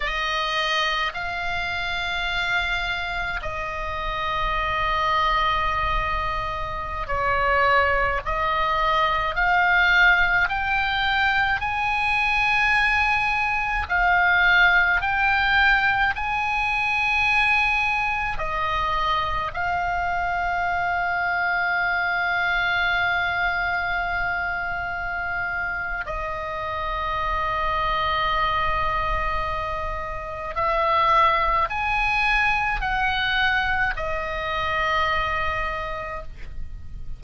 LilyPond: \new Staff \with { instrumentName = "oboe" } { \time 4/4 \tempo 4 = 53 dis''4 f''2 dis''4~ | dis''2~ dis''16 cis''4 dis''8.~ | dis''16 f''4 g''4 gis''4.~ gis''16~ | gis''16 f''4 g''4 gis''4.~ gis''16~ |
gis''16 dis''4 f''2~ f''8.~ | f''2. dis''4~ | dis''2. e''4 | gis''4 fis''4 dis''2 | }